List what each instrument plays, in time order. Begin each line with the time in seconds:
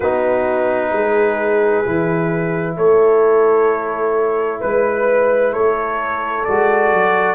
0.00 tuba B3, trombone D#4, horn F#4, trumpet B4
0.92 tuba G#3, horn G#4
1.85 tuba E3, trombone E4
2.76 tuba A3, horn A4, trumpet C#5
4.60 tuba G#3, horn B4, trumpet B4
5.52 tuba A3, horn A4, trumpet C#5
6.44 tuba G#3, trombone F#4, trumpet D5
6.92 tuba F#3